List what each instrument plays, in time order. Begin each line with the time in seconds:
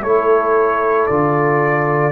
0.00 tuba A3, trombone E4, horn A4, trumpet C#5
1.06 tuba D3, trombone F4, trumpet D5